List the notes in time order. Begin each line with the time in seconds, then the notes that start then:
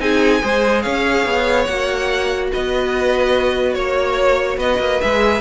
0.00 C4 D#4 G#4 G#5
0.42 G#3 G#4 C5
0.82 C#4 C#5 F5
1.26 B3
1.65 A#3 F#4 F#5
2.52 B3 B4 D#5
3.74 A#3 C#5
4.58 B3 B4 D#5
4.79 A#3
5.01 G#3 G#4 E5